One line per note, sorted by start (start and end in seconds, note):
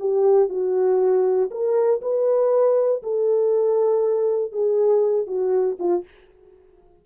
0.00 0.50 G4
0.50 1.51 F#4
1.51 2.02 A#4
2.02 3.03 B4
3.03 4.52 A4
4.52 5.27 G#4
5.27 5.78 F#4
5.80 6.05 F4